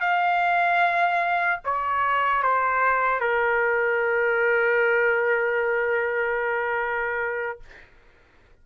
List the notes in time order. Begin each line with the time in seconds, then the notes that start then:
0.00 F5
1.64 C#5
2.43 C5
3.20 A#4